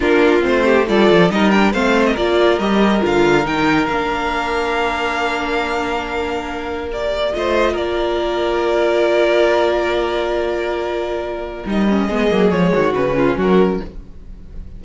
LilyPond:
<<
  \new Staff \with { instrumentName = "violin" } { \time 4/4 \tempo 4 = 139 ais'4 c''4 d''4 dis''8 g''8 | f''8. dis''16 d''4 dis''4 f''4 | g''4 f''2.~ | f''1 |
d''4 dis''4 d''2~ | d''1~ | d''2. dis''4~ | dis''4 cis''4 b'4 ais'4 | }
  \new Staff \with { instrumentName = "violin" } { \time 4/4 f'4. g'8 a'4 ais'4 | c''4 ais'2.~ | ais'1~ | ais'1~ |
ais'4 c''4 ais'2~ | ais'1~ | ais'1 | gis'4. fis'4 f'8 fis'4 | }
  \new Staff \with { instrumentName = "viola" } { \time 4/4 d'4 c'4 f'4 dis'8 d'8 | c'4 f'4 g'4 f'4 | dis'4 d'2.~ | d'1 |
g'4 f'2.~ | f'1~ | f'2. dis'8 cis'8 | b8 ais8 gis4 cis'2 | }
  \new Staff \with { instrumentName = "cello" } { \time 4/4 ais4 a4 g8 f8 g4 | a4 ais4 g4 d4 | dis4 ais2.~ | ais1~ |
ais4 a4 ais2~ | ais1~ | ais2. g4 | gis8 fis8 f8 dis8 cis4 fis4 | }
>>